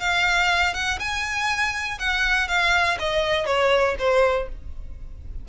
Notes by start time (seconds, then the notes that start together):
0.00 F5
0.74 F#5
0.99 G#5
1.99 F#5
2.48 F5
2.99 D#5
3.46 C#5
3.99 C5